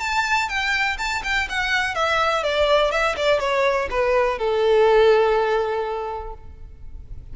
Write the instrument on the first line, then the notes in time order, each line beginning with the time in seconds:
violin
0.00 A5
0.49 G5
0.98 A5
1.24 G5
1.49 F#5
1.95 E5
2.43 D5
2.91 E5
3.16 D5
3.39 C#5
3.90 B4
4.39 A4